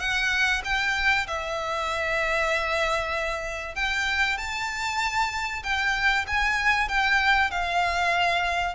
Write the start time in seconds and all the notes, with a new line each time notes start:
0.00 F#5
0.65 G5
1.28 E5
3.76 G5
4.38 A5
5.64 G5
6.28 G#5
6.89 G5
7.51 F5